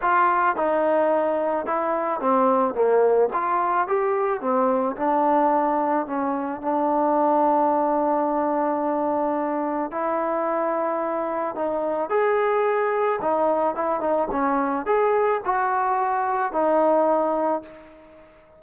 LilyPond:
\new Staff \with { instrumentName = "trombone" } { \time 4/4 \tempo 4 = 109 f'4 dis'2 e'4 | c'4 ais4 f'4 g'4 | c'4 d'2 cis'4 | d'1~ |
d'2 e'2~ | e'4 dis'4 gis'2 | dis'4 e'8 dis'8 cis'4 gis'4 | fis'2 dis'2 | }